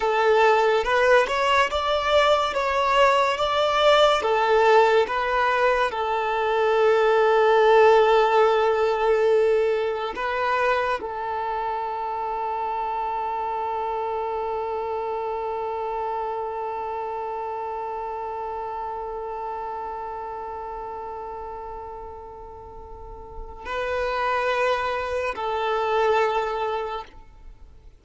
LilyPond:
\new Staff \with { instrumentName = "violin" } { \time 4/4 \tempo 4 = 71 a'4 b'8 cis''8 d''4 cis''4 | d''4 a'4 b'4 a'4~ | a'1 | b'4 a'2.~ |
a'1~ | a'1~ | a'1 | b'2 a'2 | }